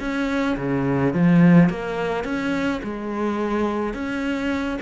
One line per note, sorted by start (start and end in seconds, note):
0.00 0.57 C#4
0.57 1.14 C#3
1.14 1.70 F3
1.70 2.24 A#3
2.24 2.81 C#4
2.84 3.94 G#3
3.94 4.79 C#4